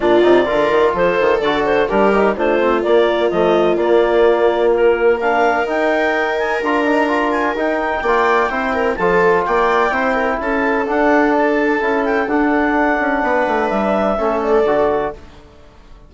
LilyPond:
<<
  \new Staff \with { instrumentName = "clarinet" } { \time 4/4 \tempo 4 = 127 d''2 c''4 d''8 c''8 | ais'4 c''4 d''4 dis''4 | d''2 ais'4 f''4 | g''4. gis''8 ais''4. gis''8 |
g''2. a''4 | g''2 a''4 fis''4 | a''4. g''8 fis''2~ | fis''4 e''4. d''4. | }
  \new Staff \with { instrumentName = "viola" } { \time 4/4 f'4 ais'4 a'2 | g'4 f'2.~ | f'2. ais'4~ | ais'1~ |
ais'4 d''4 c''8 ais'8 a'4 | d''4 c''8 ais'8 a'2~ | a'1 | b'2 a'2 | }
  \new Staff \with { instrumentName = "trombone" } { \time 4/4 d'8 dis'8 f'2 fis'4 | d'8 dis'8 d'8 c'8 ais4 a4 | ais2. d'4 | dis'2 f'8 dis'8 f'4 |
dis'4 f'4 e'4 f'4~ | f'4 e'2 d'4~ | d'4 e'4 d'2~ | d'2 cis'4 fis'4 | }
  \new Staff \with { instrumentName = "bassoon" } { \time 4/4 ais,8 c8 d8 dis8 f8 dis8 d4 | g4 a4 ais4 f4 | ais1 | dis'2 d'2 |
dis'4 ais4 c'4 f4 | ais4 c'4 cis'4 d'4~ | d'4 cis'4 d'4. cis'8 | b8 a8 g4 a4 d4 | }
>>